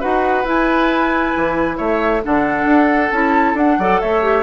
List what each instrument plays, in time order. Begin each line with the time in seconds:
0.00 bassoon D#4, clarinet F#4, oboe B4, flute F#5
0.44 clarinet E4, bassoon E4, flute G#5
1.36 bassoon E3
1.77 bassoon A3, oboe C#5, flute E5
2.23 bassoon D3, clarinet D4, oboe A4, flute F#5
2.65 bassoon D4
3.11 bassoon C#4, clarinet E4, flute A5
3.54 bassoon D4, clarinet D4, flute F#5
3.78 bassoon F#3, clarinet A4, oboe D5
4.01 bassoon A3, oboe C#5, flute E5
4.22 clarinet G4